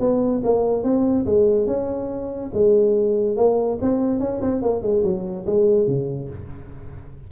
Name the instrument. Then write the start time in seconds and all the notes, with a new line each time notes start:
tuba
0.00 B3
0.44 A#3
0.84 C4
1.26 G#3
1.67 C#4
2.54 G#3
3.37 A#3
3.82 C4
4.20 C#4
4.42 C4
4.62 A#3
4.82 G#3
5.04 F#3
5.46 G#3
5.87 C#3